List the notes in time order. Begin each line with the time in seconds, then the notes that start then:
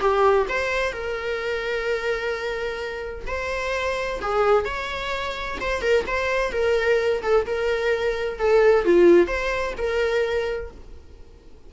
0.00 G4
0.49 C5
0.93 A#4
3.27 C5
4.22 G#4
4.65 C#5
5.61 C5
5.82 A#4
6.07 C5
6.52 A#4
7.23 A4
7.46 A#4
8.39 A4
8.85 F4
9.27 C5
9.78 A#4